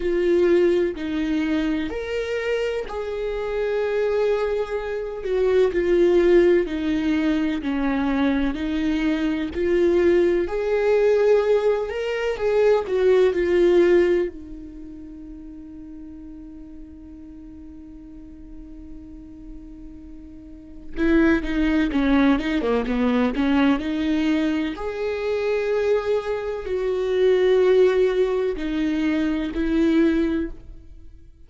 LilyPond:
\new Staff \with { instrumentName = "viola" } { \time 4/4 \tempo 4 = 63 f'4 dis'4 ais'4 gis'4~ | gis'4. fis'8 f'4 dis'4 | cis'4 dis'4 f'4 gis'4~ | gis'8 ais'8 gis'8 fis'8 f'4 dis'4~ |
dis'1~ | dis'2 e'8 dis'8 cis'8 dis'16 ais16 | b8 cis'8 dis'4 gis'2 | fis'2 dis'4 e'4 | }